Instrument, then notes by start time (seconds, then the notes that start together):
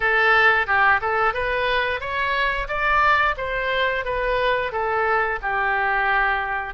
oboe
0.00 A4
0.66 G4
1.01 A4
1.33 B4
2.00 C#5
2.68 D5
3.37 C5
4.04 B4
4.72 A4
5.41 G4